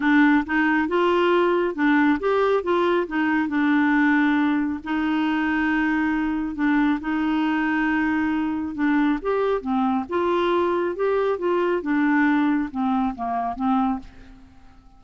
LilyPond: \new Staff \with { instrumentName = "clarinet" } { \time 4/4 \tempo 4 = 137 d'4 dis'4 f'2 | d'4 g'4 f'4 dis'4 | d'2. dis'4~ | dis'2. d'4 |
dis'1 | d'4 g'4 c'4 f'4~ | f'4 g'4 f'4 d'4~ | d'4 c'4 ais4 c'4 | }